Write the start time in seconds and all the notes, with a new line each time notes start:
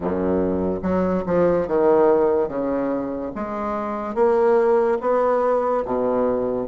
0.00 F#2
0.82 F#3
1.25 F3
1.67 D#3
2.48 C#3
3.35 G#3
4.14 A#3
5.00 B3
5.85 B2